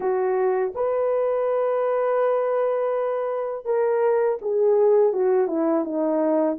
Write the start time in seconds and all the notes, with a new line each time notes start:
0.00 F#4
0.75 B4
3.65 A#4
4.41 G#4
5.13 F#4
5.47 E4
5.84 D#4